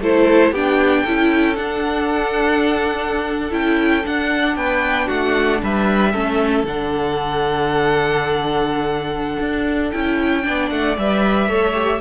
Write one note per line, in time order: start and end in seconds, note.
0.00 0.51 A3
0.00 0.54 E4
0.00 0.52 A4
0.00 0.54 C5
0.51 1.03 B3
0.51 1.07 D4
0.51 1.03 G4
0.51 1.56 G5
1.03 1.58 C#4
1.03 1.55 E4
1.03 4.55 A4
1.55 3.51 D4
1.55 3.52 D4
1.55 3.51 F#5
3.51 4.04 C#4
3.51 4.03 E4
3.51 4.05 G5
4.03 6.12 D4
4.03 4.56 D4
4.03 4.56 F#5
4.56 5.08 B3
4.56 5.07 B4
4.56 5.08 G5
5.07 5.62 A3
5.07 5.59 F#4
5.07 5.60 F#5
5.63 6.14 G3
5.63 6.12 B4
5.63 6.65 E5
6.12 6.63 A3
6.12 6.66 C#4
6.12 10.43 A4
6.63 9.37 D3
6.63 9.93 D4
6.63 9.91 F#5
9.40 9.92 D4
9.91 10.46 C#4
9.91 10.43 E4
9.91 10.69 G5
10.43 10.71 B3
10.43 10.95 D4
10.43 11.48 D5
10.70 10.97 A3
10.70 10.96 F#5
10.97 11.48 G3
10.97 11.49 B4
10.97 12.01 E5
11.48 12.00 A3
11.48 11.74 A4
11.48 12.00 C#5
11.74 12.00 G4